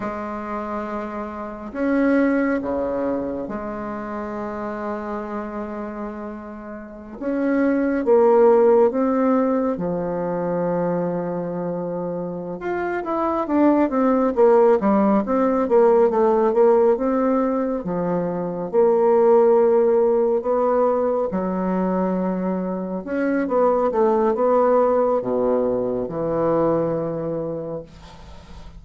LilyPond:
\new Staff \with { instrumentName = "bassoon" } { \time 4/4 \tempo 4 = 69 gis2 cis'4 cis4 | gis1~ | gis16 cis'4 ais4 c'4 f8.~ | f2~ f8 f'8 e'8 d'8 |
c'8 ais8 g8 c'8 ais8 a8 ais8 c'8~ | c'8 f4 ais2 b8~ | b8 fis2 cis'8 b8 a8 | b4 b,4 e2 | }